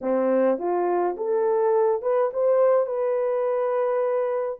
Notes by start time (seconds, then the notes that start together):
0.01 C4
0.58 F4
1.16 A4
2.02 B4
2.33 C5
2.86 B4